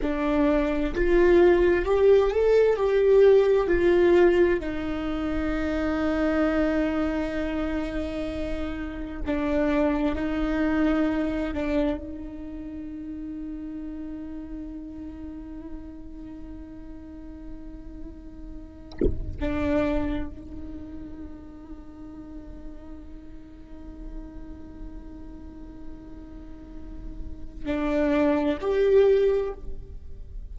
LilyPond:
\new Staff \with { instrumentName = "viola" } { \time 4/4 \tempo 4 = 65 d'4 f'4 g'8 a'8 g'4 | f'4 dis'2.~ | dis'2 d'4 dis'4~ | dis'8 d'8 dis'2.~ |
dis'1~ | dis'4 d'4 dis'2~ | dis'1~ | dis'2 d'4 g'4 | }